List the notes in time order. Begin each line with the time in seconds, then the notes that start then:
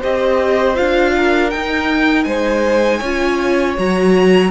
0.00 C4 G4 C5 D#5
0.75 D4 F4 F5
1.17 A#4
1.50 D#4 G5
2.25 G#3 C5 G#5
2.99 C#4 F4 C#5
3.77 F#3 F#4 A#5